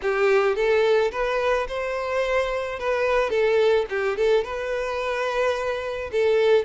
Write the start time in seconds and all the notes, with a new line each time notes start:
0.02 G4
0.55 A4
1.11 B4
1.68 C5
2.79 B4
3.30 A4
3.89 G4
4.17 A4
4.43 B4
6.12 A4